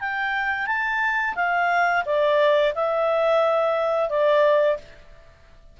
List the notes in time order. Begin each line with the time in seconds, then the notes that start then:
0.00 G5
0.67 A5
1.36 F5
2.05 D5
2.75 E5
4.09 D5